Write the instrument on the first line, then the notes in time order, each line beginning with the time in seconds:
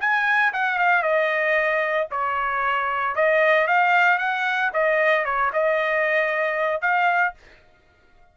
trumpet
0.00 G#5
0.53 F#5
0.78 F5
1.02 D#5
2.11 C#5
3.15 D#5
3.67 F5
4.18 F#5
4.73 D#5
5.25 C#5
5.53 D#5
6.81 F5